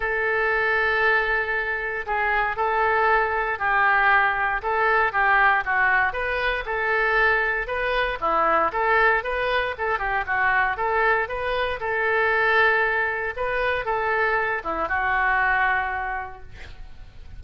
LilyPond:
\new Staff \with { instrumentName = "oboe" } { \time 4/4 \tempo 4 = 117 a'1 | gis'4 a'2 g'4~ | g'4 a'4 g'4 fis'4 | b'4 a'2 b'4 |
e'4 a'4 b'4 a'8 g'8 | fis'4 a'4 b'4 a'4~ | a'2 b'4 a'4~ | a'8 e'8 fis'2. | }